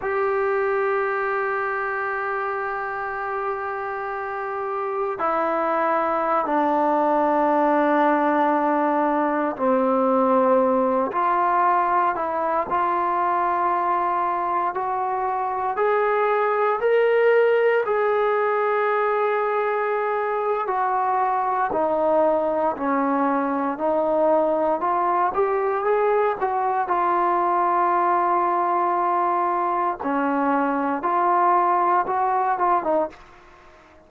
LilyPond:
\new Staff \with { instrumentName = "trombone" } { \time 4/4 \tempo 4 = 58 g'1~ | g'4 e'4~ e'16 d'4.~ d'16~ | d'4~ d'16 c'4. f'4 e'16~ | e'16 f'2 fis'4 gis'8.~ |
gis'16 ais'4 gis'2~ gis'8. | fis'4 dis'4 cis'4 dis'4 | f'8 g'8 gis'8 fis'8 f'2~ | f'4 cis'4 f'4 fis'8 f'16 dis'16 | }